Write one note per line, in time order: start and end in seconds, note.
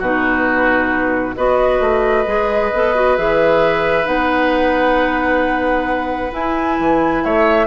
0.00 1.36 B2
0.00 1.37 D#4
0.00 1.35 F#4
0.00 1.37 B4
1.37 1.80 B3
1.37 2.27 F#4
1.37 7.24 B4
1.37 3.17 D#5
1.80 2.26 A3
2.27 2.72 G#3
2.27 2.72 G#4
2.74 3.18 B3
2.74 2.96 A4
2.96 3.18 F#4
3.17 4.07 E3
3.17 4.05 G#4
3.17 4.07 E5
4.05 6.32 B3
4.05 6.30 D#4
4.05 6.33 F#5
6.32 7.67 E4
6.32 6.79 E4
6.32 7.25 G#5
6.80 7.25 E3
7.25 7.67 A3
7.25 7.67 C#5
7.25 7.67 E5